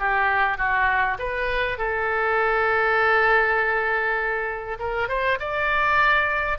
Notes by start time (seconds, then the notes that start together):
0.00 G4
0.58 F#4
1.19 B4
1.79 A4
4.80 A#4
5.09 C5
5.40 D5